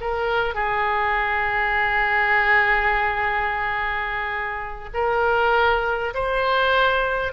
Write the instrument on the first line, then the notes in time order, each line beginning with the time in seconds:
oboe
0.00 A#4
0.54 G#4
4.93 A#4
6.14 C5